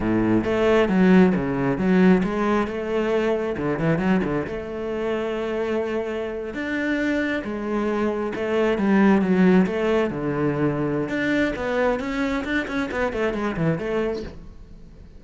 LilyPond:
\new Staff \with { instrumentName = "cello" } { \time 4/4 \tempo 4 = 135 a,4 a4 fis4 cis4 | fis4 gis4 a2 | d8 e8 fis8 d8 a2~ | a2~ a8. d'4~ d'16~ |
d'8. gis2 a4 g16~ | g8. fis4 a4 d4~ d16~ | d4 d'4 b4 cis'4 | d'8 cis'8 b8 a8 gis8 e8 a4 | }